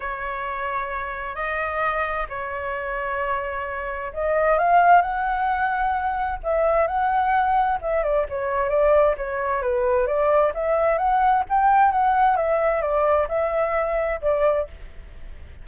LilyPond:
\new Staff \with { instrumentName = "flute" } { \time 4/4 \tempo 4 = 131 cis''2. dis''4~ | dis''4 cis''2.~ | cis''4 dis''4 f''4 fis''4~ | fis''2 e''4 fis''4~ |
fis''4 e''8 d''8 cis''4 d''4 | cis''4 b'4 d''4 e''4 | fis''4 g''4 fis''4 e''4 | d''4 e''2 d''4 | }